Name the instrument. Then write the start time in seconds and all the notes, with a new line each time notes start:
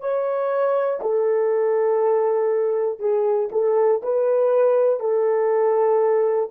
horn
0.00 C#5
1.01 A4
3.00 G#4
3.52 A4
4.02 B4
5.00 A4